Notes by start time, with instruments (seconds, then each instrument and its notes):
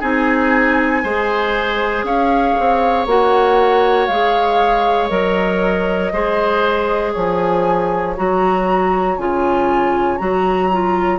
0.00 bassoon C4, clarinet D#4, oboe G#4, flute G#5
1.04 bassoon G#3, clarinet G#4, oboe C5
2.04 bassoon C#4, oboe C#5, flute F5
2.59 bassoon C4
3.06 bassoon A#3, clarinet F#4, flute F#5
4.07 bassoon G#3, clarinet G#4, flute F5
5.09 bassoon F#3, clarinet A#4, flute D#5
6.13 bassoon G#3, clarinet G#4, oboe C5
7.13 bassoon F3, oboe C#5, flute G#5
8.17 bassoon F#3, clarinet F#4, flute A#5
9.18 bassoon C#3, clarinet F4, flute G#5
10.17 bassoon F#3, clarinet F#4, flute A#5
10.72 clarinet F4